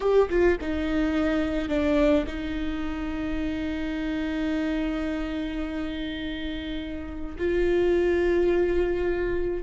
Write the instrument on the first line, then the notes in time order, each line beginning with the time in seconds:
viola
0.00 G4
0.29 F4
0.60 D#4
1.68 D4
2.26 D#4
7.38 F4